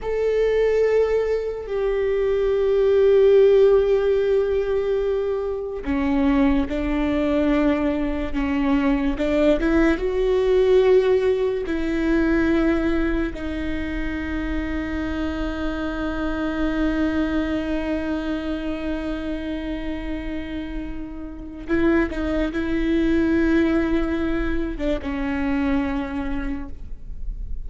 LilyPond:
\new Staff \with { instrumentName = "viola" } { \time 4/4 \tempo 4 = 72 a'2 g'2~ | g'2. cis'4 | d'2 cis'4 d'8 e'8 | fis'2 e'2 |
dis'1~ | dis'1~ | dis'2 e'8 dis'8 e'4~ | e'4.~ e'16 d'16 cis'2 | }